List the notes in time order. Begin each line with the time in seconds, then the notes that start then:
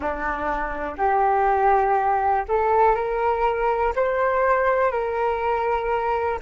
0.00 D4
0.97 G4
2.48 A4
2.95 A#4
3.95 C5
4.91 A#4